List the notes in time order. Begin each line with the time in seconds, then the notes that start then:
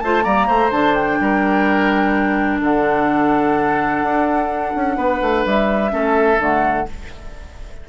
0.00 A3 F4 C5 A5
0.22 G3 A#3 D5 A#5
0.47 A3 C5
0.71 D3 D4 A5
0.94 G5
1.20 G3 A#4
2.61 D3 A4 F#5
4.02 D4
4.75 C#4
4.97 B3 B4
5.21 A3
5.45 G3 E5
5.90 A3 C#4 A4
6.38 D3 A3 F#5